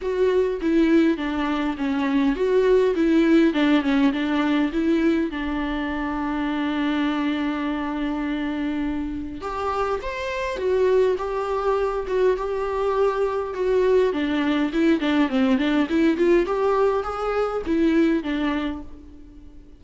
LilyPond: \new Staff \with { instrumentName = "viola" } { \time 4/4 \tempo 4 = 102 fis'4 e'4 d'4 cis'4 | fis'4 e'4 d'8 cis'8 d'4 | e'4 d'2.~ | d'1 |
g'4 c''4 fis'4 g'4~ | g'8 fis'8 g'2 fis'4 | d'4 e'8 d'8 c'8 d'8 e'8 f'8 | g'4 gis'4 e'4 d'4 | }